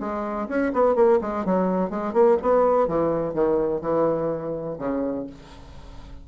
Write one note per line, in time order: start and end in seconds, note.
0.00 0.48 G#3
0.48 0.72 C#4
0.73 0.95 B3
0.95 1.19 A#3
1.21 1.45 G#3
1.45 1.90 F#3
1.90 2.13 G#3
2.13 2.37 A#3
2.42 2.88 B3
2.88 3.34 E3
3.34 3.81 D#3
3.81 4.77 E3
4.78 5.26 C#3